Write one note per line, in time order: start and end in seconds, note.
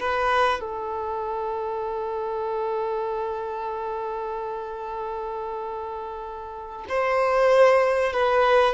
0.00 0.61 B4
0.61 6.86 A4
6.89 8.13 C5
8.13 8.74 B4